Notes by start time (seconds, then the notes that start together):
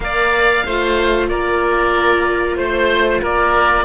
0.00 A#3 A#4 D5 F5
0.65 A3 F4 C5
1.28 A#3 A#4 D5
2.56 A3 C5
3.22 A#3 A#4 D5